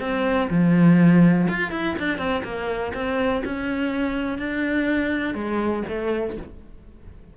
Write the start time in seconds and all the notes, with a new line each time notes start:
0.00 C4
0.50 F3
1.49 F4
1.71 E4
1.99 D4
2.18 C4
2.44 A#3
2.94 C4
3.45 C#4
4.39 D4
5.35 G#3
5.88 A3